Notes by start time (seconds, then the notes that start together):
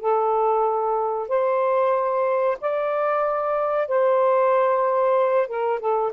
0.00 A4
1.28 C5
2.61 D5
3.88 C5
5.48 A#4
5.80 A4